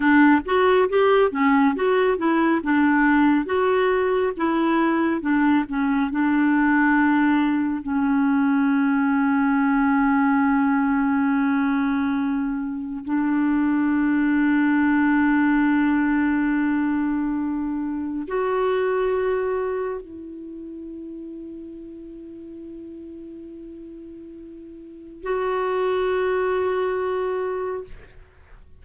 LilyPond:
\new Staff \with { instrumentName = "clarinet" } { \time 4/4 \tempo 4 = 69 d'8 fis'8 g'8 cis'8 fis'8 e'8 d'4 | fis'4 e'4 d'8 cis'8 d'4~ | d'4 cis'2.~ | cis'2. d'4~ |
d'1~ | d'4 fis'2 e'4~ | e'1~ | e'4 fis'2. | }